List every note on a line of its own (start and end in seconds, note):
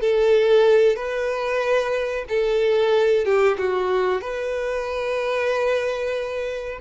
0.00 0.96 A4
0.96 2.25 B4
2.28 3.25 A4
3.25 3.57 G4
3.58 4.21 F#4
4.21 6.79 B4